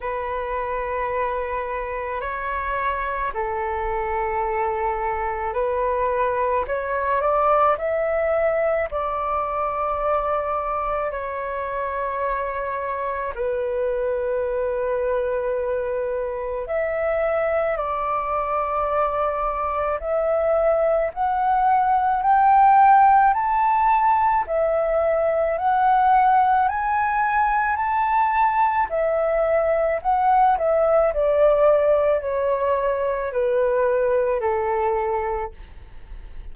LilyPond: \new Staff \with { instrumentName = "flute" } { \time 4/4 \tempo 4 = 54 b'2 cis''4 a'4~ | a'4 b'4 cis''8 d''8 e''4 | d''2 cis''2 | b'2. e''4 |
d''2 e''4 fis''4 | g''4 a''4 e''4 fis''4 | gis''4 a''4 e''4 fis''8 e''8 | d''4 cis''4 b'4 a'4 | }